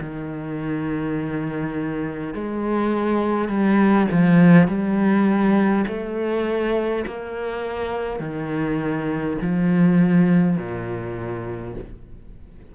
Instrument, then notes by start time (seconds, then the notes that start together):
cello
0.00 D#3
2.34 G#3
3.48 G3
4.11 F3
4.67 G3
5.87 A3
7.06 A#3
8.19 D#3
9.41 F3
10.57 A#2